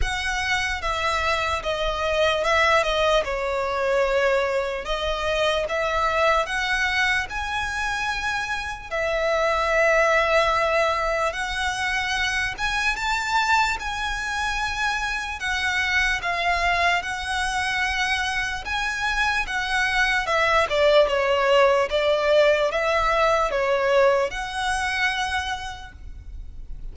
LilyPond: \new Staff \with { instrumentName = "violin" } { \time 4/4 \tempo 4 = 74 fis''4 e''4 dis''4 e''8 dis''8 | cis''2 dis''4 e''4 | fis''4 gis''2 e''4~ | e''2 fis''4. gis''8 |
a''4 gis''2 fis''4 | f''4 fis''2 gis''4 | fis''4 e''8 d''8 cis''4 d''4 | e''4 cis''4 fis''2 | }